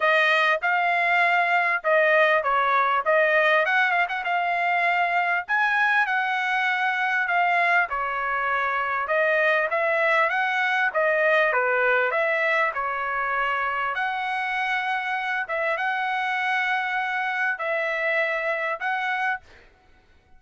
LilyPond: \new Staff \with { instrumentName = "trumpet" } { \time 4/4 \tempo 4 = 99 dis''4 f''2 dis''4 | cis''4 dis''4 fis''8 f''16 fis''16 f''4~ | f''4 gis''4 fis''2 | f''4 cis''2 dis''4 |
e''4 fis''4 dis''4 b'4 | e''4 cis''2 fis''4~ | fis''4. e''8 fis''2~ | fis''4 e''2 fis''4 | }